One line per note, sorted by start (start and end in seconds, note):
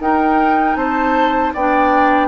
0.00 0.75 D#4
0.00 1.54 D#4
0.00 0.77 A#4
0.00 0.76 G5
0.75 1.52 C4
0.75 1.54 C5
0.75 1.53 A5
1.54 2.27 B3
1.54 2.27 D4
1.54 2.27 D5
1.54 2.27 G5